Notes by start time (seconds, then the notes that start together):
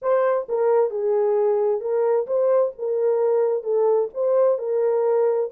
0.01 C5
0.48 A#4
0.90 G#4
1.80 A#4
2.26 C5
2.78 A#4
3.63 A4
4.14 C5
4.58 A#4